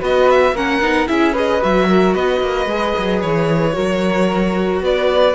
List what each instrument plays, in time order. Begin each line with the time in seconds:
0.00 cello B3, viola F#4, flute B4, violin D#5
0.30 violin E5
0.52 cello A#3, viola C#4, flute A#4, violin F#5
0.81 cello B3, viola D#4
1.07 cello C#4, viola E4, flute G#4, violin E5
1.32 viola G#4, flute B4, violin D#5
1.61 cello F#3, viola F#4, violin E5
1.88 flute A#4
2.14 cello B3, flute B4, violin D#5
2.41 cello A#3
2.66 cello G#3, viola G#4
2.98 cello F#3
3.21 cello E3, violin C#5
3.73 cello F#3, viola F#4, flute A#4
4.81 cello B3, flute B4, violin D5